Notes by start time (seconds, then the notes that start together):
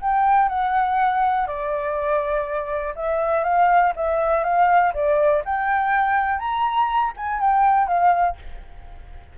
0.00 G5
0.48 F#5
1.46 D5
2.95 E5
3.44 F5
3.95 E5
4.43 F5
4.93 D5
5.45 G5
6.39 A#5
7.16 G#5
7.40 G5
7.87 F5